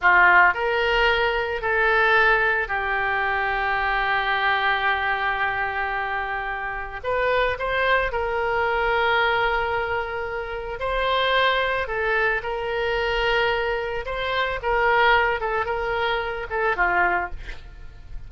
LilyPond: \new Staff \with { instrumentName = "oboe" } { \time 4/4 \tempo 4 = 111 f'4 ais'2 a'4~ | a'4 g'2.~ | g'1~ | g'4 b'4 c''4 ais'4~ |
ais'1 | c''2 a'4 ais'4~ | ais'2 c''4 ais'4~ | ais'8 a'8 ais'4. a'8 f'4 | }